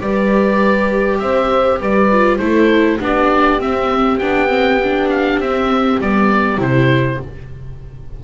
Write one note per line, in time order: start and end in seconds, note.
0.00 1.20 G3
0.00 2.10 G4
0.00 1.21 B4
0.00 1.19 D5
1.19 1.80 C4
1.19 1.80 C5
1.19 1.79 E5
1.80 2.39 G3
1.80 2.40 B4
1.80 2.38 D5
2.12 2.39 F4
2.38 2.99 A3
2.38 2.99 E4
2.38 3.02 A4
2.38 2.98 C5
3.00 3.60 B3
3.00 3.60 D4
3.00 7.24 G4
3.00 3.61 D5
3.60 4.20 C4
3.60 4.19 E5
4.19 5.38 B3
4.19 4.48 D4
4.19 5.09 G5
4.48 4.78 C4
4.84 5.44 D4
5.10 5.40 F5
5.38 5.99 C4
5.38 6.02 C4
5.38 6.01 E5
6.01 6.58 G3
6.01 6.58 B3
6.01 6.61 D5
6.58 7.18 C3
6.58 7.18 E4
6.58 7.21 C5